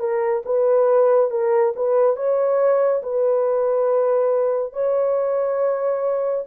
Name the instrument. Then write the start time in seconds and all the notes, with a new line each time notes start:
horn
0.00 A#4
0.46 B4
1.31 A#4
1.76 B4
2.16 C#5
3.02 B4
4.73 C#5